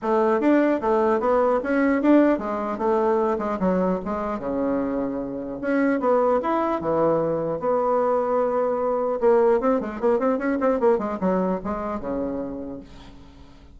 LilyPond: \new Staff \with { instrumentName = "bassoon" } { \time 4/4 \tempo 4 = 150 a4 d'4 a4 b4 | cis'4 d'4 gis4 a4~ | a8 gis8 fis4 gis4 cis4~ | cis2 cis'4 b4 |
e'4 e2 b4~ | b2. ais4 | c'8 gis8 ais8 c'8 cis'8 c'8 ais8 gis8 | fis4 gis4 cis2 | }